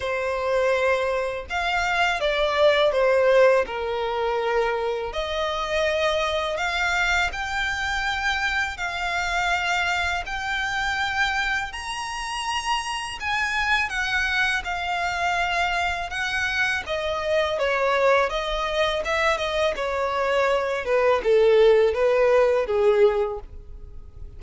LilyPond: \new Staff \with { instrumentName = "violin" } { \time 4/4 \tempo 4 = 82 c''2 f''4 d''4 | c''4 ais'2 dis''4~ | dis''4 f''4 g''2 | f''2 g''2 |
ais''2 gis''4 fis''4 | f''2 fis''4 dis''4 | cis''4 dis''4 e''8 dis''8 cis''4~ | cis''8 b'8 a'4 b'4 gis'4 | }